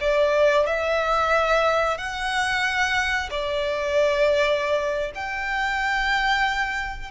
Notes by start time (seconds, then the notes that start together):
0.00 D5
0.66 E5
1.98 F#5
3.30 D5
5.15 G5